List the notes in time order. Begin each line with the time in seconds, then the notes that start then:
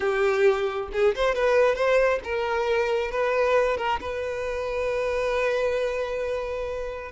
0.00 G4
0.92 G#4
1.15 C5
1.34 B4
1.75 C5
2.24 A#4
3.11 B4
3.77 A#4
4.00 B4